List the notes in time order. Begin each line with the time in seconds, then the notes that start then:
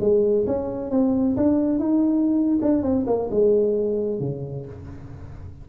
0.00 G#3
0.47 C#4
0.90 C4
1.37 D4
1.79 D#4
2.62 D4
2.83 C4
3.07 A#3
3.31 G#3
4.20 C#3